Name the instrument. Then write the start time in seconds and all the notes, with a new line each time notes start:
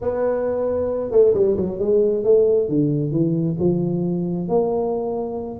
tuba
0.01 B3
1.11 A3
1.34 G3
1.57 F#3
1.79 G#3
2.24 A3
2.68 D3
3.11 E3
3.59 F3
4.48 A#3